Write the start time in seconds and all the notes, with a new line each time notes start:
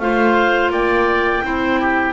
0.00 A3 F4 C5 F5
0.71 A#3 D5 G5
1.43 C4 E4 C5
1.81 G4